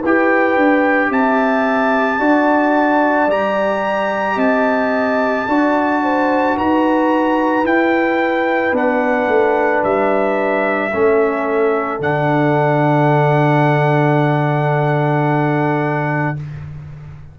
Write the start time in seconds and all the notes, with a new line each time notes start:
0.00 E4 B4 G5
0.06 G4
0.56 D4
1.10 C4 E5 A5
2.19 D4 F#4 D5
3.27 G3 G4 A#5
4.36 C4 D#5 A5
5.48 D4 F#4 D5
6.03 C5
6.57 D#4 B4 A#5
7.64 E4 G5
8.72 B3 D4 F#5
9.27 A3
9.84 G3 E5
10.94 A3 C#4 A4
11.99 D3 D4 F#5